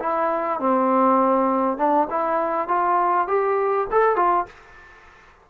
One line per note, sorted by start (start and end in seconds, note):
0.00 0.60 E4
0.60 1.78 C4
1.78 2.08 D4
2.11 2.69 E4
2.69 3.28 F4
3.28 3.88 G4
3.92 4.16 A4
4.16 4.46 F4